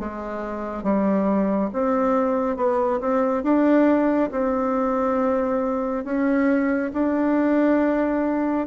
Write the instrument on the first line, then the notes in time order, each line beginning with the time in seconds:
bassoon
0.00 G#3
0.84 G3
1.74 C4
2.57 B3
3.01 C4
3.44 D4
4.32 C4
6.05 C#4
6.94 D4